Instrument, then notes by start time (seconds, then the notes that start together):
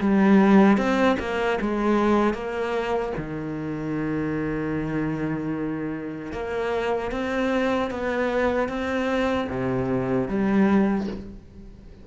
cello
0.00 G3
0.77 C4
1.19 A#3
1.61 G#3
2.34 A#3
3.17 D#3
6.32 A#3
7.11 C4
7.91 B3
8.69 C4
9.49 C3
10.28 G3